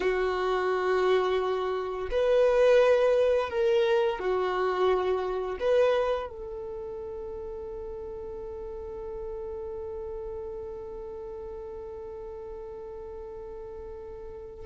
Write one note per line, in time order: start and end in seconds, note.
0.00 2.09 F#4
2.11 3.49 B4
3.49 4.19 A#4
4.19 5.58 F#4
5.59 6.29 B4
6.29 14.66 A4